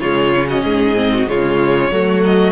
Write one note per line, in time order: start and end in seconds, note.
0.00 0.64 C#3
0.00 0.33 G#3
0.00 0.48 F4
0.00 0.48 C#5
0.34 0.96 C#4
0.48 0.64 F#4
0.48 1.29 D#5
0.64 1.29 G#2
0.64 1.12 G#4
0.96 1.27 C4
1.14 1.30 F#4
1.27 1.91 C#3
1.27 1.91 G#3
1.27 1.92 F4
1.27 2.25 C#5
1.91 2.53 F#3
1.91 2.53 A3
1.91 2.53 F#4
2.25 2.53 D#5